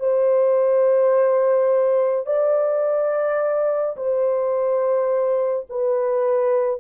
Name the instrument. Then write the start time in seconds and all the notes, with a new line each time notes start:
horn
0.00 C5
2.26 D5
3.97 C5
5.69 B4